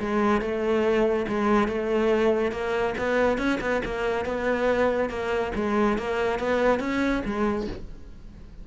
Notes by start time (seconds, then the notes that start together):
0.00 G#3
0.41 A3
1.28 G#3
1.68 A3
2.52 A#3
2.98 B3
3.38 C#4
3.61 B3
3.85 A#3
4.26 B3
5.10 A#3
5.56 G#3
5.98 A#3
6.39 B3
6.80 C#4
7.25 G#3